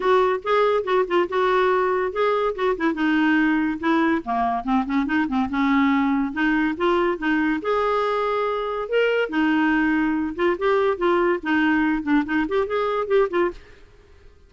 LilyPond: \new Staff \with { instrumentName = "clarinet" } { \time 4/4 \tempo 4 = 142 fis'4 gis'4 fis'8 f'8 fis'4~ | fis'4 gis'4 fis'8 e'8 dis'4~ | dis'4 e'4 ais4 c'8 cis'8 | dis'8 c'8 cis'2 dis'4 |
f'4 dis'4 gis'2~ | gis'4 ais'4 dis'2~ | dis'8 f'8 g'4 f'4 dis'4~ | dis'8 d'8 dis'8 g'8 gis'4 g'8 f'8 | }